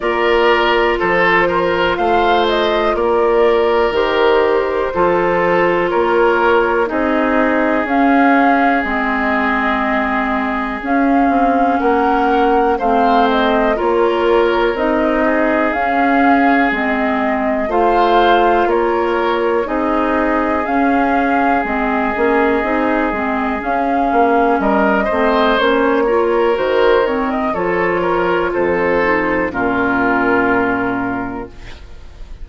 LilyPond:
<<
  \new Staff \with { instrumentName = "flute" } { \time 4/4 \tempo 4 = 61 d''4 c''4 f''8 dis''8 d''4 | c''2 cis''4 dis''4 | f''4 dis''2 f''4 | fis''4 f''8 dis''8 cis''4 dis''4 |
f''4 dis''4 f''4 cis''4 | dis''4 f''4 dis''2 | f''4 dis''4 cis''4 c''8 cis''16 dis''16 | cis''4 c''4 ais'2 | }
  \new Staff \with { instrumentName = "oboe" } { \time 4/4 ais'4 a'8 ais'8 c''4 ais'4~ | ais'4 a'4 ais'4 gis'4~ | gis'1 | ais'4 c''4 ais'4. gis'8~ |
gis'2 c''4 ais'4 | gis'1~ | gis'4 ais'8 c''4 ais'4. | a'8 ais'8 a'4 f'2 | }
  \new Staff \with { instrumentName = "clarinet" } { \time 4/4 f'1 | g'4 f'2 dis'4 | cis'4 c'2 cis'4~ | cis'4 c'4 f'4 dis'4 |
cis'4 c'4 f'2 | dis'4 cis'4 c'8 cis'8 dis'8 c'8 | cis'4. c'8 cis'8 f'8 fis'8 c'8 | f'4. dis'8 cis'2 | }
  \new Staff \with { instrumentName = "bassoon" } { \time 4/4 ais4 f4 a4 ais4 | dis4 f4 ais4 c'4 | cis'4 gis2 cis'8 c'8 | ais4 a4 ais4 c'4 |
cis'4 gis4 a4 ais4 | c'4 cis'4 gis8 ais8 c'8 gis8 | cis'8 ais8 g8 a8 ais4 dis4 | f4 f,4 ais,2 | }
>>